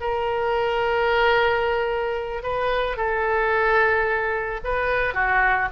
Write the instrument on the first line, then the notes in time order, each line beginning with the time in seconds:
oboe
0.00 A#4
2.42 B4
2.96 A4
4.64 B4
5.13 F#4